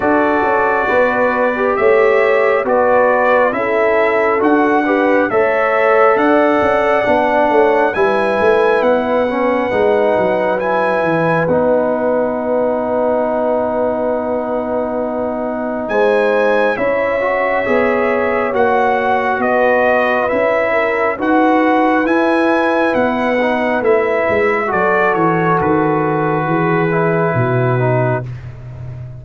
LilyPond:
<<
  \new Staff \with { instrumentName = "trumpet" } { \time 4/4 \tempo 4 = 68 d''2 e''4 d''4 | e''4 fis''4 e''4 fis''4~ | fis''4 gis''4 fis''2 | gis''4 fis''2.~ |
fis''2 gis''4 e''4~ | e''4 fis''4 dis''4 e''4 | fis''4 gis''4 fis''4 e''4 | d''8 cis''8 b'2. | }
  \new Staff \with { instrumentName = "horn" } { \time 4/4 a'4 b'4 cis''4 b'4 | a'4. b'8 cis''4 d''4~ | d''8 cis''8 b'2.~ | b'1~ |
b'2 c''4 cis''4~ | cis''2 b'4. ais'8 | b'1 | a'2 gis'4 fis'4 | }
  \new Staff \with { instrumentName = "trombone" } { \time 4/4 fis'4.~ fis'16 g'4~ g'16 fis'4 | e'4 fis'8 g'8 a'2 | d'4 e'4. cis'8 dis'4 | e'4 dis'2.~ |
dis'2. e'8 fis'8 | gis'4 fis'2 e'4 | fis'4 e'4. dis'8 e'4 | fis'2~ fis'8 e'4 dis'8 | }
  \new Staff \with { instrumentName = "tuba" } { \time 4/4 d'8 cis'8 b4 a4 b4 | cis'4 d'4 a4 d'8 cis'8 | b8 a8 g8 a8 b4 gis8 fis8~ | fis8 e8 b2.~ |
b2 gis4 cis'4 | b4 ais4 b4 cis'4 | dis'4 e'4 b4 a8 gis8 | fis8 e8 dis4 e4 b,4 | }
>>